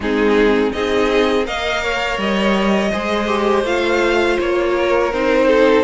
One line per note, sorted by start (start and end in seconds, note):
0.00 0.71 G#3
0.00 0.74 C4
0.00 0.74 D#4
0.00 0.72 G#4
0.72 1.47 C4
0.72 1.43 D#4
0.72 1.47 G#4
0.72 1.45 D#5
1.43 2.17 A#3
1.43 2.89 A#4
1.43 1.82 D#5
1.43 2.19 F5
1.82 2.91 C#5
2.17 2.91 G3
2.17 3.65 D#5
2.91 3.64 G#3
2.91 3.27 G#4
2.91 4.74 C5
3.27 3.63 G4
3.64 4.37 A3
3.64 5.12 F4
3.64 4.38 F5
4.40 5.12 A#3
4.40 5.13 C#5
4.75 5.48 A#4
5.12 5.84 C4
5.12 5.84 D#4
5.12 5.84 C5
5.48 5.84 A4